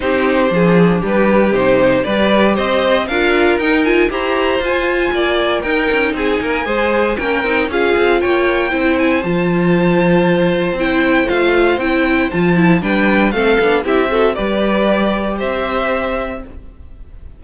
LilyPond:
<<
  \new Staff \with { instrumentName = "violin" } { \time 4/4 \tempo 4 = 117 c''2 b'4 c''4 | d''4 dis''4 f''4 g''8 gis''8 | ais''4 gis''2 g''4 | gis''2 g''4 f''4 |
g''4. gis''8 a''2~ | a''4 g''4 f''4 g''4 | a''4 g''4 f''4 e''4 | d''2 e''2 | }
  \new Staff \with { instrumentName = "violin" } { \time 4/4 g'4 gis'4 g'2 | b'4 c''4 ais'2 | c''2 d''4 ais'4 | gis'8 ais'8 c''4 ais'4 gis'4 |
cis''4 c''2.~ | c''1~ | c''4 b'4 a'4 g'8 a'8 | b'2 c''2 | }
  \new Staff \with { instrumentName = "viola" } { \time 4/4 dis'4 d'2 dis'4 | g'2 f'4 dis'8 f'8 | g'4 f'2 dis'4~ | dis'4 gis'4 cis'8 dis'8 f'4~ |
f'4 e'4 f'2~ | f'4 e'4 f'4 e'4 | f'8 e'8 d'4 c'8 d'8 e'8 fis'8 | g'1 | }
  \new Staff \with { instrumentName = "cello" } { \time 4/4 c'4 f4 g4 c4 | g4 c'4 d'4 dis'4 | e'4 f'4 ais4 dis'8 cis'8 | c'8 ais8 gis4 ais8 c'8 cis'8 c'8 |
ais4 c'4 f2~ | f4 c'4 a4 c'4 | f4 g4 a8 b8 c'4 | g2 c'2 | }
>>